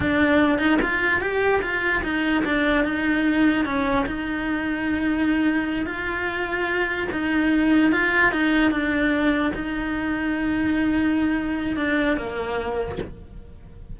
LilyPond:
\new Staff \with { instrumentName = "cello" } { \time 4/4 \tempo 4 = 148 d'4. dis'8 f'4 g'4 | f'4 dis'4 d'4 dis'4~ | dis'4 cis'4 dis'2~ | dis'2~ dis'8 f'4.~ |
f'4. dis'2 f'8~ | f'8 dis'4 d'2 dis'8~ | dis'1~ | dis'4 d'4 ais2 | }